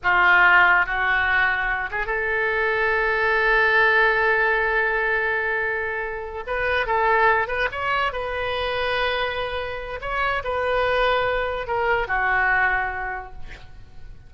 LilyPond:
\new Staff \with { instrumentName = "oboe" } { \time 4/4 \tempo 4 = 144 f'2 fis'2~ | fis'8 gis'8 a'2.~ | a'1~ | a'2.~ a'8 b'8~ |
b'8 a'4. b'8 cis''4 b'8~ | b'1 | cis''4 b'2. | ais'4 fis'2. | }